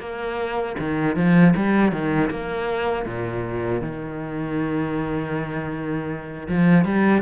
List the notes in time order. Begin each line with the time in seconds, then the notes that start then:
0.00 A#3
0.79 D#3
1.16 F3
1.56 G3
1.92 D#3
2.31 A#3
3.06 A#2
3.82 D#3
6.49 F3
6.85 G3